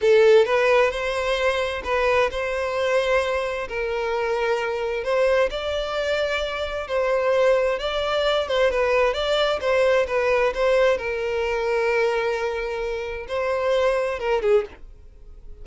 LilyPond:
\new Staff \with { instrumentName = "violin" } { \time 4/4 \tempo 4 = 131 a'4 b'4 c''2 | b'4 c''2. | ais'2. c''4 | d''2. c''4~ |
c''4 d''4. c''8 b'4 | d''4 c''4 b'4 c''4 | ais'1~ | ais'4 c''2 ais'8 gis'8 | }